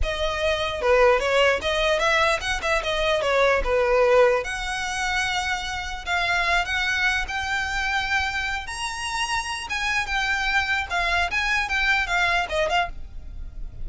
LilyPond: \new Staff \with { instrumentName = "violin" } { \time 4/4 \tempo 4 = 149 dis''2 b'4 cis''4 | dis''4 e''4 fis''8 e''8 dis''4 | cis''4 b'2 fis''4~ | fis''2. f''4~ |
f''8 fis''4. g''2~ | g''4. ais''2~ ais''8 | gis''4 g''2 f''4 | gis''4 g''4 f''4 dis''8 f''8 | }